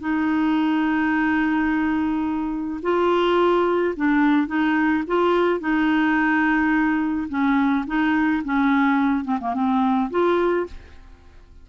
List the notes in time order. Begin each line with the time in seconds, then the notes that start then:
0.00 D#4
2.82 F4
3.96 D4
4.47 D#4
5.07 F4
5.60 D#4
7.29 C#4
7.87 D#4
8.44 C#4
9.24 C4
9.40 A#3
9.54 C4
10.10 F4